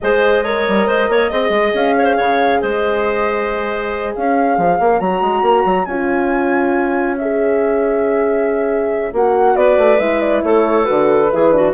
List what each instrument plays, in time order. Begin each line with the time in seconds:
0.01 bassoon G#3, horn G#4, clarinet C5, flute D#5
0.44 horn A#4, clarinet C#5
0.67 bassoon G3
0.87 bassoon G#3, clarinet C5
1.09 bassoon A#3, clarinet C#5
1.30 bassoon C4, horn G#4, clarinet D#5
1.49 bassoon G#3
1.74 bassoon C#4, flute F5
1.97 clarinet C#5
2.04 clarinet C5
2.16 bassoon C#3, clarinet C#5
2.61 bassoon G#3, clarinet C5, flute D#5
4.13 bassoon C#4, clarinet C#5, flute F5
4.57 bassoon F3
4.79 bassoon A#3
4.99 bassoon F#3, horn F#4, flute A#5
5.21 bassoon G#3
5.41 bassoon A#3
5.65 bassoon F#3
5.85 bassoon C#4, horn F4, flute G#5
7.17 horn G#4, flute E5
9.12 bassoon A#3, horn F#4, flute F#5
9.55 bassoon B3, clarinet B4, flute D5
9.77 bassoon A3
9.98 bassoon G#3, horn E4, flute E5
10.20 flute D5
10.43 bassoon A3, clarinet A4, flute C#5
10.84 bassoon D3, horn F#4, flute B4
11.32 bassoon E3, horn E4, clarinet G#4
11.51 horn D4, clarinet F#4